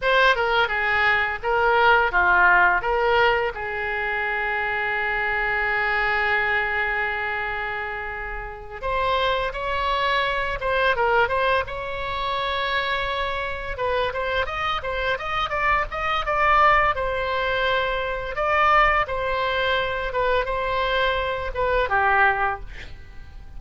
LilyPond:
\new Staff \with { instrumentName = "oboe" } { \time 4/4 \tempo 4 = 85 c''8 ais'8 gis'4 ais'4 f'4 | ais'4 gis'2.~ | gis'1~ | gis'8 c''4 cis''4. c''8 ais'8 |
c''8 cis''2. b'8 | c''8 dis''8 c''8 dis''8 d''8 dis''8 d''4 | c''2 d''4 c''4~ | c''8 b'8 c''4. b'8 g'4 | }